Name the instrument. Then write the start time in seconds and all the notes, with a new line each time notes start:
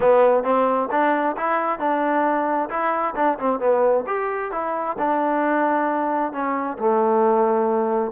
trombone
0.00 B3
0.43 C4
0.91 D4
1.37 E4
1.79 D4
2.69 E4
3.15 D4
3.38 C4
3.59 B3
4.07 G4
4.51 E4
4.98 D4
6.32 C#4
6.78 A3